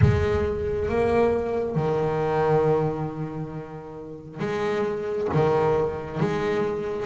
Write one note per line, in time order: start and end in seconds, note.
0.01 0.88 G#3
0.88 1.75 A#3
1.75 4.39 D#3
4.39 5.27 G#3
5.33 6.20 D#3
6.20 7.06 G#3